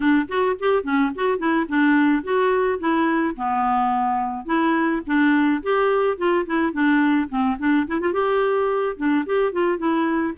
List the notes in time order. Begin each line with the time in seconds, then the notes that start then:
0.00 D4
0.28 F#4
0.59 G4
0.83 C#4
1.15 F#4
1.38 E4
1.68 D4
2.23 F#4
2.79 E4
3.35 B3
4.45 E4
5.06 D4
5.62 G4
6.17 F4
6.46 E4
6.72 D4
7.29 C4
7.58 D4
7.87 E4
8.00 F4
8.12 G4
8.96 D4
9.25 G4
9.52 F4
9.78 E4